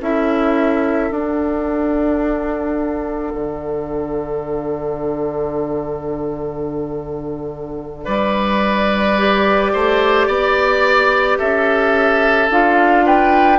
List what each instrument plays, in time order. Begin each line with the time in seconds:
0.00 bassoon C#4, clarinet E4, oboe A4, flute E5
1.10 bassoon D4, clarinet D4, flute F#5
3.34 bassoon D3
8.04 bassoon G3, oboe B4, flute D5
9.17 clarinet G4
9.73 bassoon A3, oboe C5
10.27 bassoon B3, oboe D5
11.38 bassoon C#4, oboe A4, flute E5
12.50 bassoon D4, clarinet F4, flute F5
13.06 oboe B4, flute G5